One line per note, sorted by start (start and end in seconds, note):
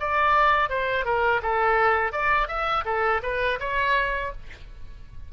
0.00 0.70 D5
0.70 1.05 C5
1.05 1.42 A#4
1.43 2.13 A4
2.13 2.48 D5
2.48 2.85 E5
2.86 3.22 A4
3.23 3.59 B4
3.60 4.32 C#5